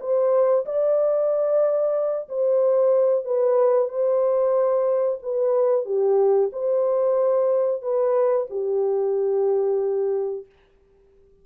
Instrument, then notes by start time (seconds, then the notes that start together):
horn
0.00 C5
0.66 D5
2.29 C5
3.25 B4
3.88 C5
5.23 B4
5.85 G4
6.53 C5
7.82 B4
8.50 G4